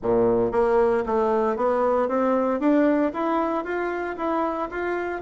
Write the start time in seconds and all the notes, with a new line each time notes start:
0.02 A#2
0.51 A#3
1.06 A3
1.56 B3
2.08 C4
2.59 D4
3.13 E4
3.64 F4
4.16 E4
4.70 F4